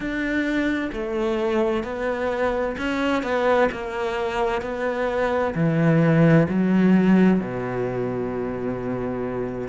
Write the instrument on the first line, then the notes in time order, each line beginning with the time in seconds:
cello
0.00 D4
0.92 A3
1.83 B3
2.78 C#4
3.23 B3
3.71 A#3
4.61 B3
5.54 E3
6.48 F#3
7.40 B2